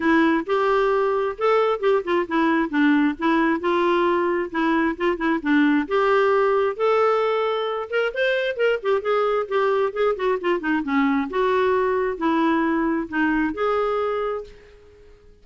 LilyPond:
\new Staff \with { instrumentName = "clarinet" } { \time 4/4 \tempo 4 = 133 e'4 g'2 a'4 | g'8 f'8 e'4 d'4 e'4 | f'2 e'4 f'8 e'8 | d'4 g'2 a'4~ |
a'4. ais'8 c''4 ais'8 g'8 | gis'4 g'4 gis'8 fis'8 f'8 dis'8 | cis'4 fis'2 e'4~ | e'4 dis'4 gis'2 | }